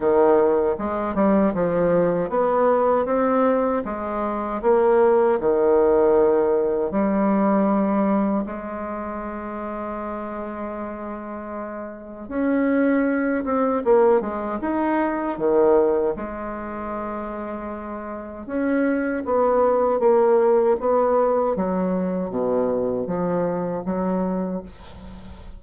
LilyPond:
\new Staff \with { instrumentName = "bassoon" } { \time 4/4 \tempo 4 = 78 dis4 gis8 g8 f4 b4 | c'4 gis4 ais4 dis4~ | dis4 g2 gis4~ | gis1 |
cis'4. c'8 ais8 gis8 dis'4 | dis4 gis2. | cis'4 b4 ais4 b4 | fis4 b,4 f4 fis4 | }